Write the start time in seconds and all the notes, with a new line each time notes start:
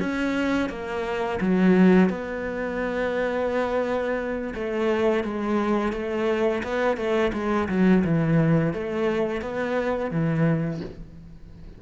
0.00 C#4
0.70 A#3
1.41 F#3
2.10 B3
4.55 A3
5.24 G#3
5.93 A3
6.64 B3
6.97 A3
7.34 G#3
7.69 F#3
8.05 E3
8.74 A3
9.42 B3
10.11 E3